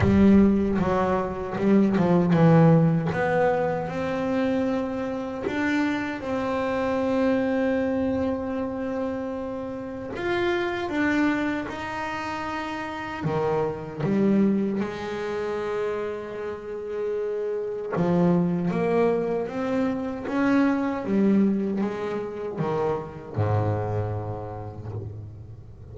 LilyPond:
\new Staff \with { instrumentName = "double bass" } { \time 4/4 \tempo 4 = 77 g4 fis4 g8 f8 e4 | b4 c'2 d'4 | c'1~ | c'4 f'4 d'4 dis'4~ |
dis'4 dis4 g4 gis4~ | gis2. f4 | ais4 c'4 cis'4 g4 | gis4 dis4 gis,2 | }